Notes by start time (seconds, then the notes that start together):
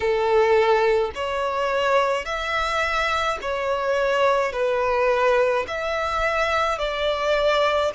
0.00 A4
1.14 C#5
2.25 E5
3.41 C#5
4.52 B4
5.67 E5
6.78 D5